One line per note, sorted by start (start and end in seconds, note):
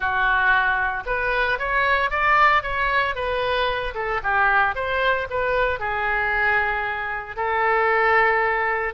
0.00 1.03 F#4
1.06 1.58 B4
1.58 2.10 C#5
2.10 2.62 D5
2.62 3.15 C#5
3.15 3.94 B4
3.94 4.20 A4
4.23 4.75 G4
4.75 5.27 C5
5.30 5.79 B4
5.79 7.36 G#4
7.36 8.94 A4